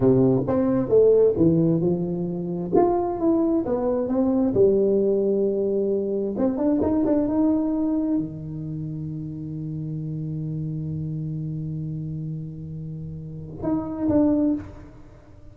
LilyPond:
\new Staff \with { instrumentName = "tuba" } { \time 4/4 \tempo 4 = 132 c4 c'4 a4 e4 | f2 f'4 e'4 | b4 c'4 g2~ | g2 c'8 d'8 dis'8 d'8 |
dis'2 dis2~ | dis1~ | dis1~ | dis2 dis'4 d'4 | }